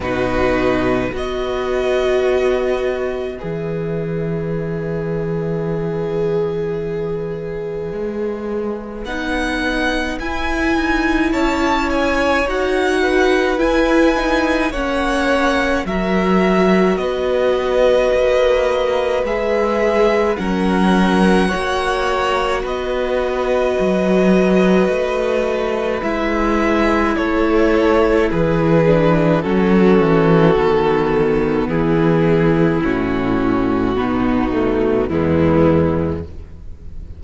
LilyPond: <<
  \new Staff \with { instrumentName = "violin" } { \time 4/4 \tempo 4 = 53 b'4 dis''2 e''4~ | e''1 | fis''4 gis''4 a''8 gis''8 fis''4 | gis''4 fis''4 e''4 dis''4~ |
dis''4 e''4 fis''2 | dis''2. e''4 | cis''4 b'4 a'2 | gis'4 fis'2 e'4 | }
  \new Staff \with { instrumentName = "violin" } { \time 4/4 fis'4 b'2.~ | b'1~ | b'2 cis''4. b'8~ | b'4 cis''4 ais'4 b'4~ |
b'2 ais'4 cis''4 | b'1 | a'4 gis'4 fis'2 | e'2 dis'4 b4 | }
  \new Staff \with { instrumentName = "viola" } { \time 4/4 dis'4 fis'2 gis'4~ | gis'1 | dis'4 e'2 fis'4 | e'8 dis'8 cis'4 fis'2~ |
fis'4 gis'4 cis'4 fis'4~ | fis'2. e'4~ | e'4. d'8 cis'4 b4~ | b4 cis'4 b8 a8 gis4 | }
  \new Staff \with { instrumentName = "cello" } { \time 4/4 b,4 b2 e4~ | e2. gis4 | b4 e'8 dis'8 cis'4 dis'4 | e'4 ais4 fis4 b4 |
ais4 gis4 fis4 ais4 | b4 fis4 a4 gis4 | a4 e4 fis8 e8 dis4 | e4 a,4 b,4 e,4 | }
>>